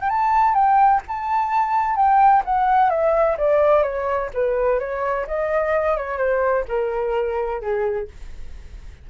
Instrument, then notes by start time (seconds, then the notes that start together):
flute
0.00 G5
0.09 A5
0.54 G5
1.08 A5
1.95 G5
2.45 F#5
2.89 E5
3.37 D5
3.82 C#5
4.34 B4
4.79 C#5
5.26 D#5
5.97 C#5
6.17 C5
6.68 A#4
7.60 G#4